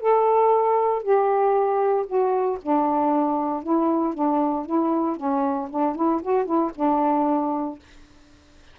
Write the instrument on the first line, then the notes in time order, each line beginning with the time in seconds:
saxophone
0.00 A4
1.02 G4
2.06 F#4
2.62 D4
3.63 E4
4.14 D4
4.66 E4
5.17 C#4
5.69 D4
5.95 E4
6.22 F#4
6.45 E4
6.75 D4